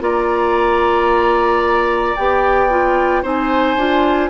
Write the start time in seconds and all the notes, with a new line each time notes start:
0.00 A#3 F4 D5 A#5
2.15 B3 G4 G5
2.70 F4
3.22 C4 D#4 C5 G#5
3.76 D4 F4